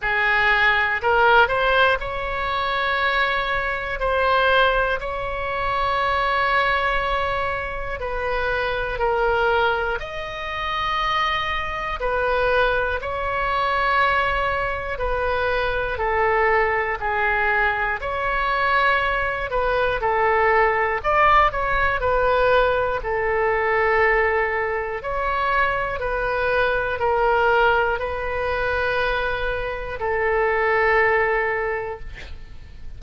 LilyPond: \new Staff \with { instrumentName = "oboe" } { \time 4/4 \tempo 4 = 60 gis'4 ais'8 c''8 cis''2 | c''4 cis''2. | b'4 ais'4 dis''2 | b'4 cis''2 b'4 |
a'4 gis'4 cis''4. b'8 | a'4 d''8 cis''8 b'4 a'4~ | a'4 cis''4 b'4 ais'4 | b'2 a'2 | }